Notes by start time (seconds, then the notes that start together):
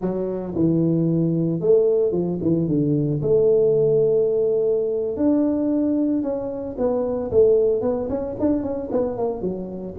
0.01 F#3
0.55 E3
1.60 A3
2.12 F3
2.41 E3
2.67 D3
3.22 A3
5.16 D4
6.22 C#4
6.77 B3
7.31 A3
7.81 B3
8.09 C#4
8.39 D4
8.62 C#4
8.91 B3
9.17 A#3
9.41 F#3